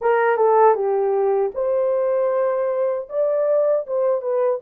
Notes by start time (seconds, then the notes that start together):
0.01 A#4
0.36 A4
0.74 G4
1.54 C5
3.09 D5
3.87 C5
4.21 B4